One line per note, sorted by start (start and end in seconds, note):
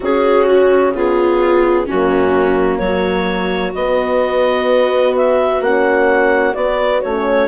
0.00 1.86 C#3
0.00 0.94 C#4
0.00 0.92 F#4
0.00 0.46 G#4
0.46 0.93 F#4
0.94 1.88 B3
0.94 1.86 F4
0.94 1.88 G#4
1.86 2.79 F#2
1.86 3.76 A#3
1.86 2.79 C#4
1.86 2.78 F#4
2.78 3.73 F#3
2.78 7.48 F#4
2.78 3.71 C#5
3.74 5.60 B3
3.74 5.61 B3
3.74 5.15 D#5
5.16 5.62 E5
5.60 6.54 A#3
5.60 6.55 C#4
5.60 6.54 F#5
6.54 7.02 B3
6.54 7.04 B3
6.54 7.01 D5
7.01 7.48 A3
7.01 7.48 C#4
7.01 7.48 C#5